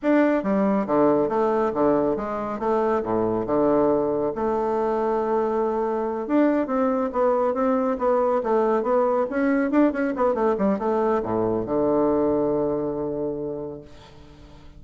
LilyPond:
\new Staff \with { instrumentName = "bassoon" } { \time 4/4 \tempo 4 = 139 d'4 g4 d4 a4 | d4 gis4 a4 a,4 | d2 a2~ | a2~ a8 d'4 c'8~ |
c'8 b4 c'4 b4 a8~ | a8 b4 cis'4 d'8 cis'8 b8 | a8 g8 a4 a,4 d4~ | d1 | }